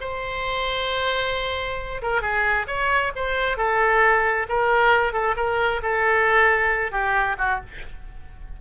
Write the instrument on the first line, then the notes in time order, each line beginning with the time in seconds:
oboe
0.00 C5
2.02 A#4
2.21 G#4
2.67 C#5
3.15 C5
3.57 A4
4.49 A#4
5.12 A4
5.36 A#4
5.82 A4
6.91 G4
7.38 F#4